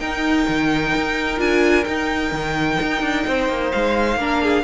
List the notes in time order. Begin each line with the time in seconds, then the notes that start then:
0.00 D#4 A#4 G5
0.49 D#3
0.95 D#4
1.38 D4 F4 G#5
1.84 D#4 G5
2.32 D#3
2.82 D#4
3.02 D4
3.27 C4 C5
3.49 A#3
3.72 G#3 F5
4.16 A#3 D4 A#4
4.44 G#4